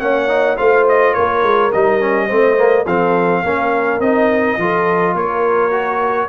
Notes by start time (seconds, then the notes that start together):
0.00 A#3 C#4 C#5 F#5
0.29 D#4
0.57 A3 F4 C5 F5
0.89 D#5
1.14 A#3 A#4 C#5
1.43 G#3
1.72 G3 D#4 D#5
2.01 C#4
2.27 A3 C4 C5
2.57 A#3
2.85 F3 C4 A4 F5
3.44 A#3 C#4 A#4
4.00 C4 D#4 D#5
4.58 F3 F4 A4
5.14 A#3 A#4 C#5
5.71 F#4